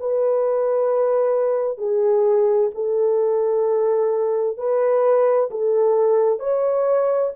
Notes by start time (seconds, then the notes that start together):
0.00 B4
1.77 G#4
2.74 A4
4.57 B4
5.50 A4
6.39 C#5